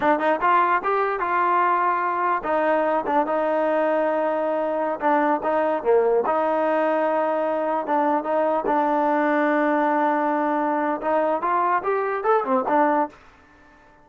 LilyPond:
\new Staff \with { instrumentName = "trombone" } { \time 4/4 \tempo 4 = 147 d'8 dis'8 f'4 g'4 f'4~ | f'2 dis'4. d'8 | dis'1~ | dis'16 d'4 dis'4 ais4 dis'8.~ |
dis'2.~ dis'16 d'8.~ | d'16 dis'4 d'2~ d'8.~ | d'2. dis'4 | f'4 g'4 a'8 c'8 d'4 | }